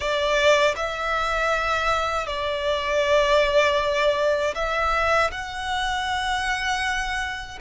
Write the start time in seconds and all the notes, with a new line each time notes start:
0.00 D5
0.76 E5
2.26 D5
4.54 E5
5.31 F#5